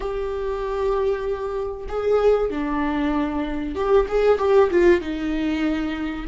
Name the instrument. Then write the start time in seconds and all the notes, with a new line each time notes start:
viola
0.00 G4
1.88 G#4
2.50 D4
3.75 G4
4.08 G#4
4.38 G4
4.70 F4
5.00 D#4